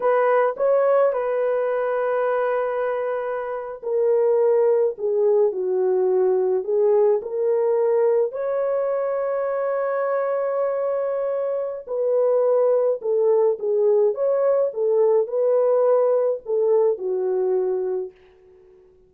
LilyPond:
\new Staff \with { instrumentName = "horn" } { \time 4/4 \tempo 4 = 106 b'4 cis''4 b'2~ | b'2~ b'8. ais'4~ ais'16~ | ais'8. gis'4 fis'2 gis'16~ | gis'8. ais'2 cis''4~ cis''16~ |
cis''1~ | cis''4 b'2 a'4 | gis'4 cis''4 a'4 b'4~ | b'4 a'4 fis'2 | }